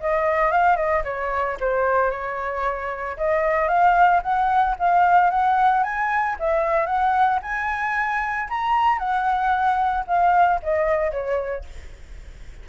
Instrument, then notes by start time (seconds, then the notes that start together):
flute
0.00 D#5
0.51 F5
0.76 D#5
1.04 C#5
1.60 C5
2.10 C#5
3.17 D#5
3.68 F5
4.23 F#5
4.79 F5
5.30 F#5
5.83 G#5
6.39 E5
6.86 F#5
7.42 G#5
8.49 A#5
8.98 F#5
10.07 F5
10.62 D#5
11.11 C#5